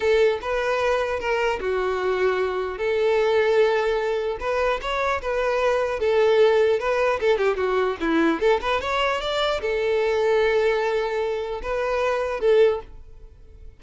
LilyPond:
\new Staff \with { instrumentName = "violin" } { \time 4/4 \tempo 4 = 150 a'4 b'2 ais'4 | fis'2. a'4~ | a'2. b'4 | cis''4 b'2 a'4~ |
a'4 b'4 a'8 g'8 fis'4 | e'4 a'8 b'8 cis''4 d''4 | a'1~ | a'4 b'2 a'4 | }